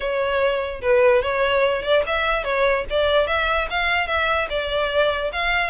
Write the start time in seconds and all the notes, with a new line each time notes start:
0.00 C#5
0.81 B4
1.22 C#5
1.82 D5
2.06 E5
2.44 C#5
2.89 D5
3.27 E5
3.69 F5
4.07 E5
4.49 D5
5.32 F5